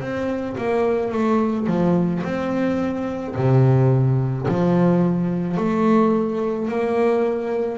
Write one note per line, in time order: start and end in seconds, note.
0.00 0.56 C4
0.58 1.11 A#3
1.11 1.67 A3
1.67 2.22 F3
2.23 3.34 C4
3.35 4.46 C3
4.47 5.57 F3
5.57 6.68 A3
6.68 7.78 A#3